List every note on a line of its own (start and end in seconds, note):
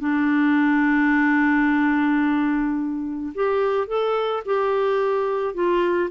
0.00 3.33 D4
3.35 3.88 G4
3.88 4.43 A4
4.46 5.55 G4
5.55 6.10 F4